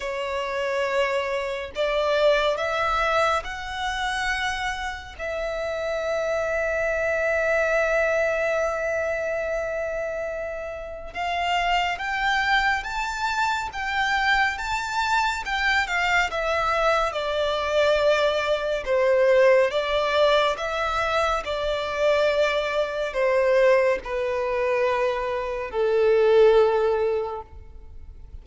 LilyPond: \new Staff \with { instrumentName = "violin" } { \time 4/4 \tempo 4 = 70 cis''2 d''4 e''4 | fis''2 e''2~ | e''1~ | e''4 f''4 g''4 a''4 |
g''4 a''4 g''8 f''8 e''4 | d''2 c''4 d''4 | e''4 d''2 c''4 | b'2 a'2 | }